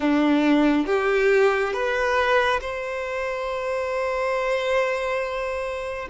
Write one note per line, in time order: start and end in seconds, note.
0.00 0.86 D4
0.86 1.73 G4
1.73 2.60 B4
2.60 6.08 C5